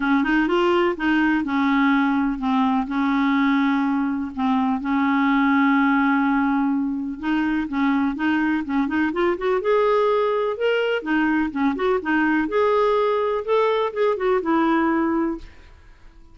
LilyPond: \new Staff \with { instrumentName = "clarinet" } { \time 4/4 \tempo 4 = 125 cis'8 dis'8 f'4 dis'4 cis'4~ | cis'4 c'4 cis'2~ | cis'4 c'4 cis'2~ | cis'2. dis'4 |
cis'4 dis'4 cis'8 dis'8 f'8 fis'8 | gis'2 ais'4 dis'4 | cis'8 fis'8 dis'4 gis'2 | a'4 gis'8 fis'8 e'2 | }